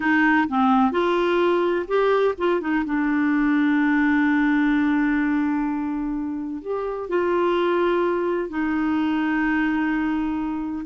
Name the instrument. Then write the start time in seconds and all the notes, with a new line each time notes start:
clarinet
0.00 D#4
0.48 C4
0.91 F4
1.87 G4
2.38 F4
2.60 D#4
2.85 D4
6.61 G4
7.09 F4
8.49 D#4